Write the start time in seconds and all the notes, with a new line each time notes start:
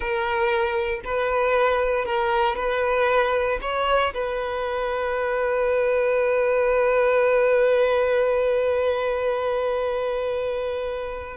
0.00 A#4
1.04 B4
2.05 A#4
2.56 B4
3.61 C#5
4.14 B4